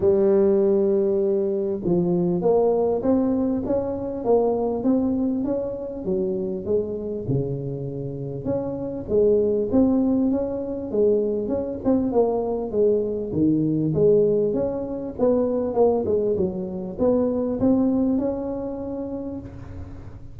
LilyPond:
\new Staff \with { instrumentName = "tuba" } { \time 4/4 \tempo 4 = 99 g2. f4 | ais4 c'4 cis'4 ais4 | c'4 cis'4 fis4 gis4 | cis2 cis'4 gis4 |
c'4 cis'4 gis4 cis'8 c'8 | ais4 gis4 dis4 gis4 | cis'4 b4 ais8 gis8 fis4 | b4 c'4 cis'2 | }